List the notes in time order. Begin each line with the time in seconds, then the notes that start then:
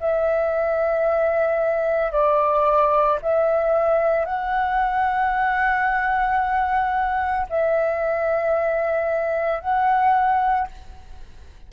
0.00 E5
2.12 D5
3.22 E5
4.25 F#5
7.50 E5
9.60 F#5